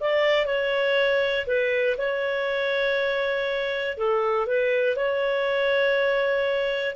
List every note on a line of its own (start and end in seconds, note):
0.00 0.45 D5
0.45 1.45 C#5
1.47 1.97 B4
1.97 3.97 C#5
3.97 4.47 A4
4.47 4.96 B4
4.96 6.95 C#5